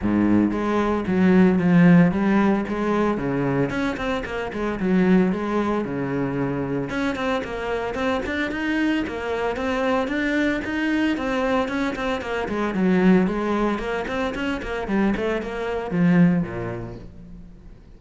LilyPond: \new Staff \with { instrumentName = "cello" } { \time 4/4 \tempo 4 = 113 gis,4 gis4 fis4 f4 | g4 gis4 cis4 cis'8 c'8 | ais8 gis8 fis4 gis4 cis4~ | cis4 cis'8 c'8 ais4 c'8 d'8 |
dis'4 ais4 c'4 d'4 | dis'4 c'4 cis'8 c'8 ais8 gis8 | fis4 gis4 ais8 c'8 cis'8 ais8 | g8 a8 ais4 f4 ais,4 | }